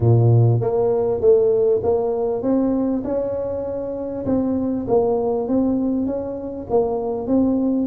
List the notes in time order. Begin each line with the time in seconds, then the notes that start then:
0.00 A#2
0.60 A#3
1.21 A3
1.83 A#3
2.42 C4
3.04 C#4
4.25 C4
4.87 A#3
5.48 C4
6.06 C#4
6.70 A#3
7.27 C4